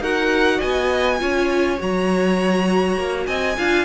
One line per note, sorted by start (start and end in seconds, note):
0.00 0.59 D#4
0.00 1.19 F#4
0.00 0.57 A#4
0.00 0.60 F#5
0.57 1.21 B3
0.57 1.17 D#5
0.57 1.79 G#5
1.19 1.80 C#4
1.19 1.78 F4
1.19 3.27 C#5
1.78 2.97 F#3
1.78 3.57 F#4
1.78 3.26 A#5
2.97 3.26 A#3
3.26 3.57 C4
3.26 3.56 D#5
3.26 3.85 G#5
3.57 3.85 D4
3.57 3.85 F4
3.57 3.85 F5